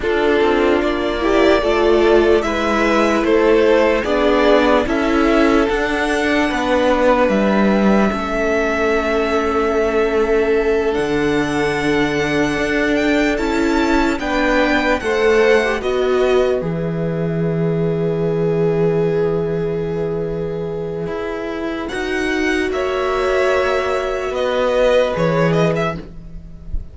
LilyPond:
<<
  \new Staff \with { instrumentName = "violin" } { \time 4/4 \tempo 4 = 74 a'4 d''2 e''4 | c''4 d''4 e''4 fis''4~ | fis''4 e''2.~ | e''4. fis''2~ fis''8 |
g''8 a''4 g''4 fis''4 dis''8~ | dis''8 e''2.~ e''8~ | e''2. fis''4 | e''2 dis''4 cis''8 dis''16 e''16 | }
  \new Staff \with { instrumentName = "violin" } { \time 4/4 f'4. g'8 a'4 b'4 | a'4 gis'4 a'2 | b'2 a'2~ | a'1~ |
a'4. b'4 c''4 b'8~ | b'1~ | b'1 | cis''2 b'2 | }
  \new Staff \with { instrumentName = "viola" } { \time 4/4 d'4. e'8 f'4 e'4~ | e'4 d'4 e'4 d'4~ | d'2 cis'2~ | cis'4. d'2~ d'8~ |
d'8 e'4 d'4 a'8. g'16 fis'8~ | fis'8 gis'2.~ gis'8~ | gis'2. fis'4~ | fis'2. gis'4 | }
  \new Staff \with { instrumentName = "cello" } { \time 4/4 d'8 c'8 ais4 a4 gis4 | a4 b4 cis'4 d'4 | b4 g4 a2~ | a4. d2 d'8~ |
d'8 cis'4 b4 a4 b8~ | b8 e2.~ e8~ | e2 e'4 dis'4 | ais2 b4 e4 | }
>>